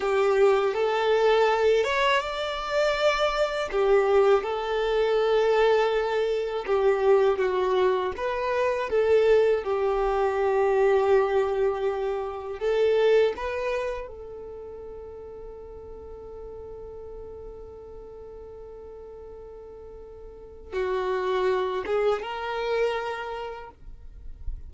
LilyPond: \new Staff \with { instrumentName = "violin" } { \time 4/4 \tempo 4 = 81 g'4 a'4. cis''8 d''4~ | d''4 g'4 a'2~ | a'4 g'4 fis'4 b'4 | a'4 g'2.~ |
g'4 a'4 b'4 a'4~ | a'1~ | a'1 | fis'4. gis'8 ais'2 | }